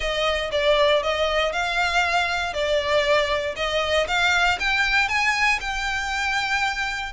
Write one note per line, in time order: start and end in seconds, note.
0.00 0.50 D#5
0.51 1.02 D5
1.02 1.52 D#5
1.52 2.53 F5
2.53 3.55 D5
3.55 4.06 D#5
4.07 4.58 F5
4.59 5.08 G5
5.08 5.59 G#5
5.60 7.12 G5